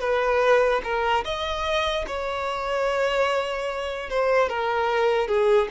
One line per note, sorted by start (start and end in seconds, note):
0.00 0.81 B4
0.84 1.24 A#4
1.25 2.06 D#5
2.07 4.09 C#5
4.09 4.49 C5
4.49 5.28 A#4
5.28 5.68 G#4